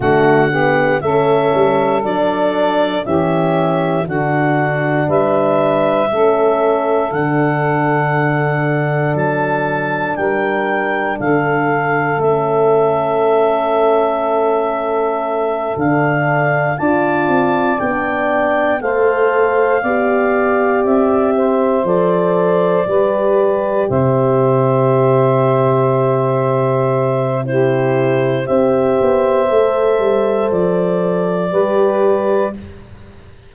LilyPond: <<
  \new Staff \with { instrumentName = "clarinet" } { \time 4/4 \tempo 4 = 59 fis''4 e''4 d''4 e''4 | fis''4 e''2 fis''4~ | fis''4 a''4 g''4 f''4 | e''2.~ e''8 f''8~ |
f''8 a''4 g''4 f''4.~ | f''8 e''4 d''2 e''8~ | e''2. c''4 | e''2 d''2 | }
  \new Staff \with { instrumentName = "saxophone" } { \time 4/4 fis'8 g'8 a'2 g'4 | fis'4 b'4 a'2~ | a'2 ais'4 a'4~ | a'1~ |
a'8 d''2 c''4 d''8~ | d''4 c''4. b'4 c''8~ | c''2. g'4 | c''2. b'4 | }
  \new Staff \with { instrumentName = "horn" } { \time 4/4 a8 b8 cis'4 d'4 cis'4 | d'2 cis'4 d'4~ | d'1 | cis'2.~ cis'8 d'8~ |
d'8 f'4 d'4 a'4 g'8~ | g'4. a'4 g'4.~ | g'2. e'4 | g'4 a'2 g'4 | }
  \new Staff \with { instrumentName = "tuba" } { \time 4/4 d4 a8 g8 fis4 e4 | d4 g4 a4 d4~ | d4 fis4 g4 d4 | a2.~ a8 d8~ |
d8 d'8 c'8 b4 a4 b8~ | b8 c'4 f4 g4 c8~ | c1 | c'8 b8 a8 g8 f4 g4 | }
>>